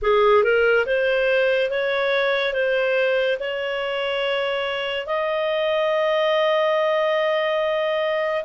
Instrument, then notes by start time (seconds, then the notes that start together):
clarinet
0.02 G#4
0.43 A#4
0.86 C5
1.70 C#5
2.53 C5
3.39 C#5
5.06 D#5